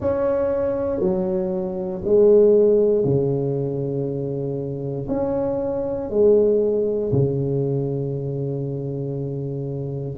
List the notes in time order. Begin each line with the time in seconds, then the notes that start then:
0.00 C#4
1.00 F#3
2.04 G#3
3.04 C#3
5.08 C#4
6.10 G#3
7.12 C#3